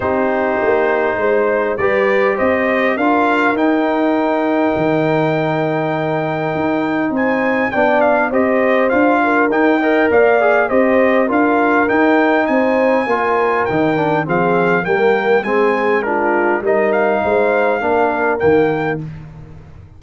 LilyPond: <<
  \new Staff \with { instrumentName = "trumpet" } { \time 4/4 \tempo 4 = 101 c''2. d''4 | dis''4 f''4 g''2~ | g''1 | gis''4 g''8 f''8 dis''4 f''4 |
g''4 f''4 dis''4 f''4 | g''4 gis''2 g''4 | f''4 g''4 gis''4 ais'4 | dis''8 f''2~ f''8 g''4 | }
  \new Staff \with { instrumentName = "horn" } { \time 4/4 g'2 c''4 b'4 | c''4 ais'2.~ | ais'1 | c''4 d''4 c''4. ais'8~ |
ais'8 dis''8 d''4 c''4 ais'4~ | ais'4 c''4 ais'2 | gis'4 ais'4 gis'4 f'4 | ais'4 c''4 ais'2 | }
  \new Staff \with { instrumentName = "trombone" } { \time 4/4 dis'2. g'4~ | g'4 f'4 dis'2~ | dis'1~ | dis'4 d'4 g'4 f'4 |
dis'8 ais'4 gis'8 g'4 f'4 | dis'2 f'4 dis'8 d'8 | c'4 ais4 c'4 d'4 | dis'2 d'4 ais4 | }
  \new Staff \with { instrumentName = "tuba" } { \time 4/4 c'4 ais4 gis4 g4 | c'4 d'4 dis'2 | dis2. dis'4 | c'4 b4 c'4 d'4 |
dis'4 ais4 c'4 d'4 | dis'4 c'4 ais4 dis4 | f4 g4 gis2 | g4 gis4 ais4 dis4 | }
>>